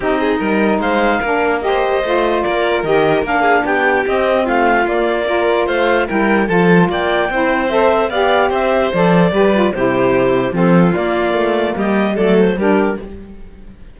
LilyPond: <<
  \new Staff \with { instrumentName = "clarinet" } { \time 4/4 \tempo 4 = 148 dis''2 f''2 | dis''2 d''4 dis''4 | f''4 g''4 dis''4 f''4 | d''2 f''4 g''4 |
a''4 g''2 e''4 | f''4 e''4 d''2 | c''2 a'4 d''4~ | d''4 dis''4 d''8 c''8 ais'4 | }
  \new Staff \with { instrumentName = "violin" } { \time 4/4 g'8 gis'8 ais'4 c''4 ais'4 | c''2 ais'2~ | ais'8 gis'8 g'2 f'4~ | f'4 ais'4 c''4 ais'4 |
a'4 d''4 c''2 | d''4 c''2 b'4 | g'2 f'2~ | f'4 g'4 a'4 g'4 | }
  \new Staff \with { instrumentName = "saxophone" } { \time 4/4 dis'2. d'4 | g'4 f'2 g'4 | d'2 c'2 | ais4 f'2 e'4 |
f'2 e'4 a'4 | g'2 a'4 g'8 f'8 | e'2 c'4 ais4~ | ais2 a4 d'4 | }
  \new Staff \with { instrumentName = "cello" } { \time 4/4 c'4 g4 gis4 ais4~ | ais4 a4 ais4 dis4 | ais4 b4 c'4 a4 | ais2 a4 g4 |
f4 ais4 c'2 | b4 c'4 f4 g4 | c2 f4 ais4 | a4 g4 fis4 g4 | }
>>